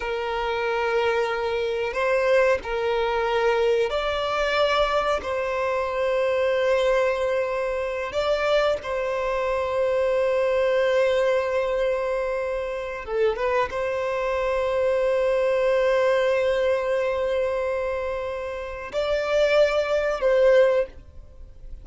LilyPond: \new Staff \with { instrumentName = "violin" } { \time 4/4 \tempo 4 = 92 ais'2. c''4 | ais'2 d''2 | c''1~ | c''8 d''4 c''2~ c''8~ |
c''1 | a'8 b'8 c''2.~ | c''1~ | c''4 d''2 c''4 | }